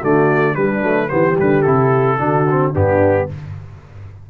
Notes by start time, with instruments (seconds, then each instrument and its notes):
0.00 tuba D3, trombone A3, horn F#4, trumpet D5
0.55 trombone G3, tuba G3, horn D4, trumpet B4
0.82 tuba F#3, trombone A3
1.09 tuba E3, trombone B3, horn G4, trumpet C5
1.37 tuba D3, trombone G3, trumpet B4
1.62 tuba C3, trombone E4, trumpet A4
2.19 tuba D3, trombone D4, horn F#4
2.51 trombone C4
2.74 tuba G2, trombone B3, horn D4, trumpet G4